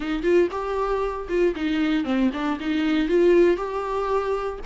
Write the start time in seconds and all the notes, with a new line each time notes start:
0.00 D#4
0.22 F4
0.51 G4
1.28 F4
1.55 D#4
2.04 C4
2.33 D4
2.59 D#4
3.08 F4
3.56 G4